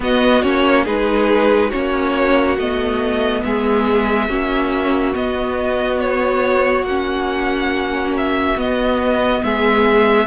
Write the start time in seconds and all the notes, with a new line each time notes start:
0.00 B3 F#4 D#5
0.42 A#3 C#4 C#5
0.84 G#3 D#4 G#4 B4
1.69 A#3 C#4 F#4 C#5
2.57 A3 B3 D#5
3.43 G#3 G#4 E5
4.28 A#3 C#4 F#4
5.14 B3 D#5
6.00 C#5
6.82 A#3 C#4 F#5
8.17 E5
8.56 B3 D#5
9.43 G#3 G#4 E5